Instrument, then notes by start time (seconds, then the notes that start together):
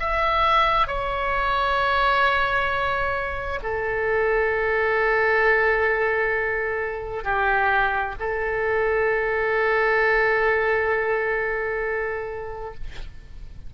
oboe
0.00 E5
0.88 C#5
3.63 A4
7.24 G4
8.20 A4